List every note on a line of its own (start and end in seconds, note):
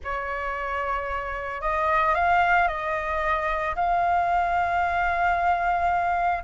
0.04 1.61 C#5
1.61 2.14 D#5
2.14 2.68 F5
2.68 3.75 D#5
3.75 6.43 F5